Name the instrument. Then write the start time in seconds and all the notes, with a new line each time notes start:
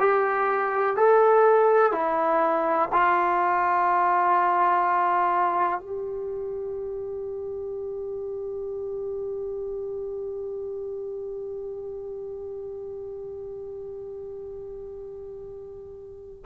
trombone
0.00 G4
0.96 A4
1.92 E4
2.93 F4
5.80 G4